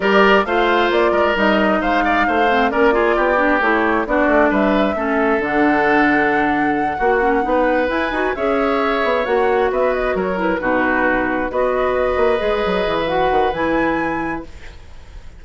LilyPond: <<
  \new Staff \with { instrumentName = "flute" } { \time 4/4 \tempo 4 = 133 d''4 f''4 d''4 dis''4 | f''2 d''2 | cis''4 d''4 e''2 | fis''1~ |
fis''4. gis''4 e''4.~ | e''8 fis''4 e''8 dis''8 cis''8 b'4~ | b'4. dis''2~ dis''8~ | dis''8. e''16 fis''4 gis''2 | }
  \new Staff \with { instrumentName = "oboe" } { \time 4/4 ais'4 c''4. ais'4. | c''8 d''8 c''4 ais'8 gis'8 g'4~ | g'4 fis'4 b'4 a'4~ | a'2.~ a'8 fis'8~ |
fis'8 b'2 cis''4.~ | cis''4. b'4 ais'4 fis'8~ | fis'4. b'2~ b'8~ | b'1 | }
  \new Staff \with { instrumentName = "clarinet" } { \time 4/4 g'4 f'2 dis'4~ | dis'4. c'8 cis'8 f'4 d'8 | e'4 d'2 cis'4 | d'2.~ d'8 fis'8 |
cis'8 dis'4 e'8 fis'8 gis'4.~ | gis'8 fis'2~ fis'8 e'8 dis'8~ | dis'4. fis'2 gis'8~ | gis'4 fis'4 e'2 | }
  \new Staff \with { instrumentName = "bassoon" } { \time 4/4 g4 a4 ais8 gis8 g4 | gis4 a4 ais4 b4 | a4 b8 a8 g4 a4 | d2.~ d8 ais8~ |
ais8 b4 e'8 dis'8 cis'4. | b8 ais4 b4 fis4 b,8~ | b,4. b4. ais8 gis8 | fis8 e4 dis8 e2 | }
>>